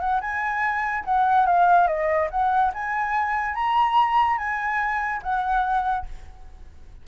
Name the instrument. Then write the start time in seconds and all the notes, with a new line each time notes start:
flute
0.00 F#5
0.21 G#5
1.05 F#5
1.46 F5
1.87 D#5
2.31 F#5
2.74 G#5
3.55 A#5
4.38 G#5
5.23 F#5